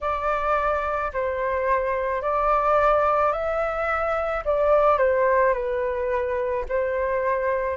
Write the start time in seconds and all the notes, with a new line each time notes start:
0.01 D5
1.13 C5
2.22 D5
3.32 E5
4.44 D5
4.97 C5
5.53 B4
6.68 C5